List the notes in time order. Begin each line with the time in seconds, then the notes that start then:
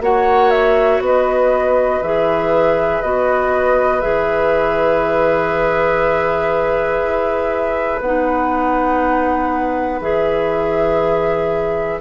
0.00 A#3 F#4 C#5 F#5
0.50 E5
1.00 B3 B4 D#5
2.02 E3 G#4 E5
3.02 B3 F#4 D#5
4.01 E3 G#4 E5
7.02 E4
8.00 B3 D#4 F#5
10.01 E3 G#4 E5